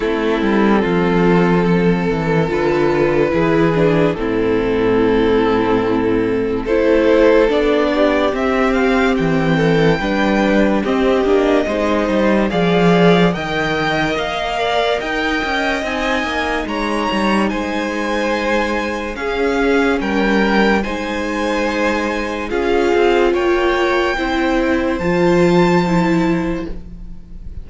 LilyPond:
<<
  \new Staff \with { instrumentName = "violin" } { \time 4/4 \tempo 4 = 72 a'2. b'4~ | b'4 a'2. | c''4 d''4 e''8 f''8 g''4~ | g''4 dis''2 f''4 |
g''4 f''4 g''4 gis''4 | ais''4 gis''2 f''4 | g''4 gis''2 f''4 | g''2 a''2 | }
  \new Staff \with { instrumentName = "violin" } { \time 4/4 e'4 f'4 a'2 | gis'4 e'2. | a'4. g'2 a'8 | b'4 g'4 c''4 d''4 |
dis''4. d''8 dis''2 | cis''4 c''2 gis'4 | ais'4 c''2 gis'4 | cis''4 c''2. | }
  \new Staff \with { instrumentName = "viola" } { \time 4/4 c'2. f'4 | e'8 d'8 c'2. | e'4 d'4 c'2 | d'4 c'8 d'8 dis'4 gis'4 |
ais'2. dis'4~ | dis'2. cis'4~ | cis'4 dis'2 f'4~ | f'4 e'4 f'4 e'4 | }
  \new Staff \with { instrumentName = "cello" } { \time 4/4 a8 g8 f4. e8 d4 | e4 a,2. | a4 b4 c'4 e4 | g4 c'8 ais8 gis8 g8 f4 |
dis4 ais4 dis'8 cis'8 c'8 ais8 | gis8 g8 gis2 cis'4 | g4 gis2 cis'8 c'8 | ais4 c'4 f2 | }
>>